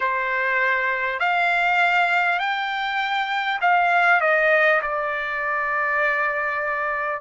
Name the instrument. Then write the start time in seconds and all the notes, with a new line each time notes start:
trumpet
0.00 C5
1.19 F5
2.39 G5
3.61 F5
4.21 D#5
4.82 D5